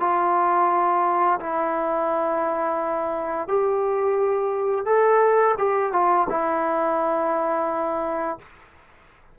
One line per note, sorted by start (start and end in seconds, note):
0.00 1.40 F4
1.40 3.48 E4
3.48 4.86 G4
4.86 5.55 A4
5.58 5.93 G4
5.93 6.28 F4
6.30 8.39 E4